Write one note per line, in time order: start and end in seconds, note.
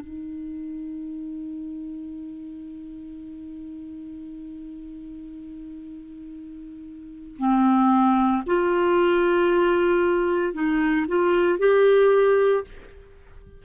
0.00 7.37 D#4
7.38 8.43 C4
8.46 10.53 F4
10.53 11.06 D#4
11.08 11.58 F4
11.58 12.64 G4